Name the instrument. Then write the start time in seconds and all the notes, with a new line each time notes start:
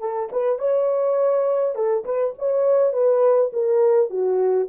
horn
0.00 A4
0.32 B4
0.59 C#5
1.76 A4
2.05 B4
2.39 C#5
2.93 B4
3.53 A#4
4.10 F#4